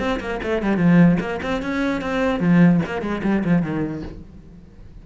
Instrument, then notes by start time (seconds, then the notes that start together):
cello
0.00 C4
0.21 A#3
0.44 A3
0.63 G3
0.78 F3
1.21 A#3
1.43 C4
1.63 C#4
2.02 C4
2.40 F3
2.86 A#3
3.02 G#3
3.24 G3
3.45 F3
3.63 D#3